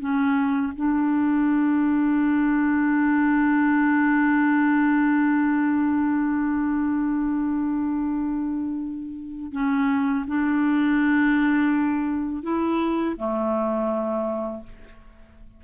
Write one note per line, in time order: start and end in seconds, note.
0.00 0.73 C#4
0.76 9.52 D4
9.52 10.25 C#4
10.27 12.43 D4
12.43 13.16 E4
13.17 14.63 A3